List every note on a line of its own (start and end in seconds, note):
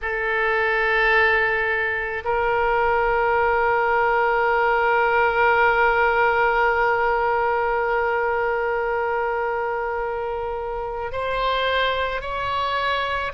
0.01 2.23 A4
2.24 11.12 A#4
11.12 12.21 C5
12.21 13.32 C#5